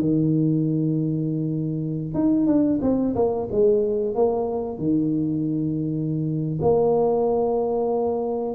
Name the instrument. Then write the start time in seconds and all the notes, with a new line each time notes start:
tuba
0.00 D#3
2.14 D#4
2.47 D4
2.82 C4
3.15 A#3
3.51 G#3
4.15 A#3
4.78 D#3
6.61 A#3